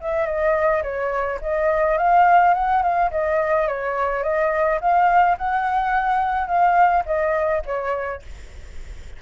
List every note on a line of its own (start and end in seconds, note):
0.00 0.25 E5
0.25 0.82 D#5
0.83 1.39 C#5
1.41 1.97 D#5
1.97 2.54 F5
2.54 2.82 F#5
2.82 3.10 F5
3.11 3.67 D#5
3.67 4.23 C#5
4.23 4.79 D#5
4.80 5.37 F5
5.37 6.47 F#5
6.47 7.03 F5
7.05 7.62 D#5
7.65 8.22 C#5